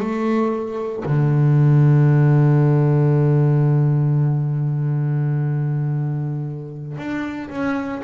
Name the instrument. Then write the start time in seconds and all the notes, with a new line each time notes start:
double bass
0.00 A3
1.06 D3
6.98 D4
7.50 C#4